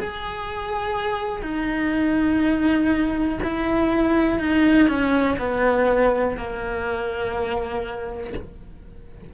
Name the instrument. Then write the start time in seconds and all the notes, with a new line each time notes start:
cello
0.00 G#4
1.43 D#4
3.44 E4
4.39 D#4
4.89 C#4
5.39 B3
6.37 A#3